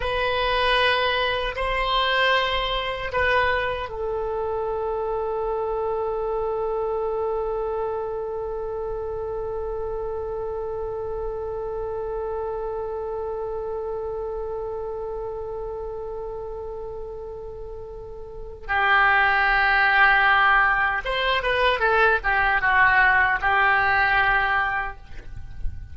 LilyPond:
\new Staff \with { instrumentName = "oboe" } { \time 4/4 \tempo 4 = 77 b'2 c''2 | b'4 a'2.~ | a'1~ | a'1~ |
a'1~ | a'1 | g'2. c''8 b'8 | a'8 g'8 fis'4 g'2 | }